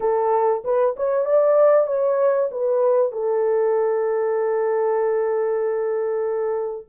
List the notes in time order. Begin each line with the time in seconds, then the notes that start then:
0.00 A4
0.64 B4
0.96 C#5
1.25 D5
1.87 C#5
2.51 B4
3.12 A4